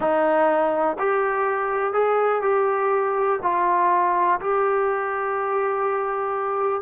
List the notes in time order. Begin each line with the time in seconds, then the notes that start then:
0.00 D#4
0.98 G4
1.93 G#4
2.42 G4
3.42 F4
4.40 G4